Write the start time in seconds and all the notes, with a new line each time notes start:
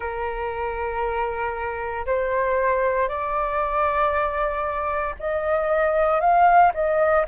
0.00 A#4
2.05 C5
3.08 D5
5.19 D#5
6.20 F5
6.73 D#5